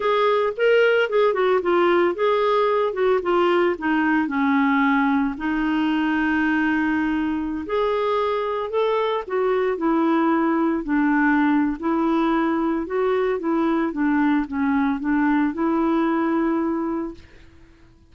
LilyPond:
\new Staff \with { instrumentName = "clarinet" } { \time 4/4 \tempo 4 = 112 gis'4 ais'4 gis'8 fis'8 f'4 | gis'4. fis'8 f'4 dis'4 | cis'2 dis'2~ | dis'2~ dis'16 gis'4.~ gis'16~ |
gis'16 a'4 fis'4 e'4.~ e'16~ | e'16 d'4.~ d'16 e'2 | fis'4 e'4 d'4 cis'4 | d'4 e'2. | }